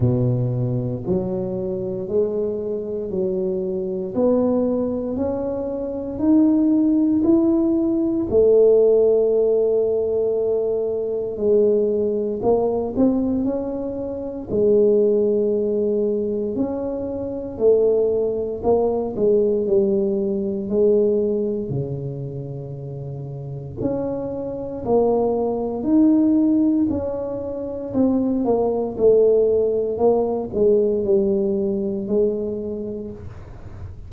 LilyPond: \new Staff \with { instrumentName = "tuba" } { \time 4/4 \tempo 4 = 58 b,4 fis4 gis4 fis4 | b4 cis'4 dis'4 e'4 | a2. gis4 | ais8 c'8 cis'4 gis2 |
cis'4 a4 ais8 gis8 g4 | gis4 cis2 cis'4 | ais4 dis'4 cis'4 c'8 ais8 | a4 ais8 gis8 g4 gis4 | }